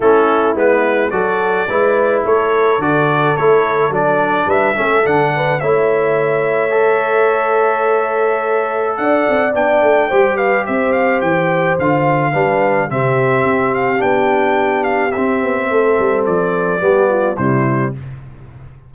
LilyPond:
<<
  \new Staff \with { instrumentName = "trumpet" } { \time 4/4 \tempo 4 = 107 a'4 b'4 d''2 | cis''4 d''4 cis''4 d''4 | e''4 fis''4 e''2~ | e''1 |
fis''4 g''4. f''8 e''8 f''8 | g''4 f''2 e''4~ | e''8 f''8 g''4. f''8 e''4~ | e''4 d''2 c''4 | }
  \new Staff \with { instrumentName = "horn" } { \time 4/4 e'2 a'4 b'4 | a'1 | b'8 a'4 b'8 cis''2~ | cis''1 |
d''2 c''8 b'8 c''4~ | c''2 b'4 g'4~ | g'1 | a'2 g'8 f'8 e'4 | }
  \new Staff \with { instrumentName = "trombone" } { \time 4/4 cis'4 b4 fis'4 e'4~ | e'4 fis'4 e'4 d'4~ | d'8 cis'8 d'4 e'2 | a'1~ |
a'4 d'4 g'2~ | g'4 f'4 d'4 c'4~ | c'4 d'2 c'4~ | c'2 b4 g4 | }
  \new Staff \with { instrumentName = "tuba" } { \time 4/4 a4 gis4 fis4 gis4 | a4 d4 a4 fis4 | g8 a8 d4 a2~ | a1 |
d'8 c'8 b8 a8 g4 c'4 | e4 d4 g4 c4 | c'4 b2 c'8 b8 | a8 g8 f4 g4 c4 | }
>>